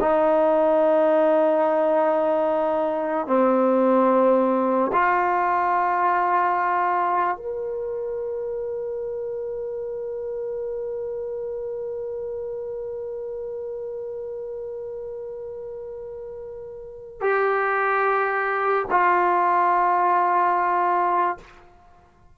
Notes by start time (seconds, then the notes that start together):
0.00 D#4
3.27 C4
4.92 F4
7.37 A#4
17.21 G4
18.90 F4